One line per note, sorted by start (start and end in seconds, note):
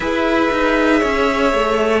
0.00 0.50 E4
0.00 2.00 G#4
0.00 1.00 B4
0.00 2.00 E5
0.51 1.02 D#4
1.00 1.53 C#4
1.00 2.00 C#5
1.53 2.00 A3